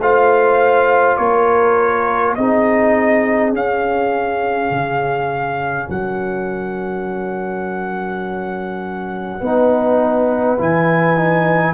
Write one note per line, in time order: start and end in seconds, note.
0.00 1.18 A3
0.00 2.37 F4
0.00 1.18 C5
0.00 1.17 F5
1.17 2.37 A#3
1.17 2.36 A#4
1.17 2.35 C#5
2.36 3.54 C4
2.36 3.53 D#4
2.36 5.88 G#4
2.36 3.53 D#5
3.53 9.42 C#4
3.53 4.71 C#4
3.53 5.90 F5
4.71 5.88 C#3
5.88 9.42 F#3
5.88 9.40 A#4
5.88 10.61 F#5
9.40 10.59 B3
9.40 10.58 D#4
9.40 11.74 B4
10.58 11.74 E3
10.58 11.17 E4
10.58 11.74 G#5
11.17 11.74 D#4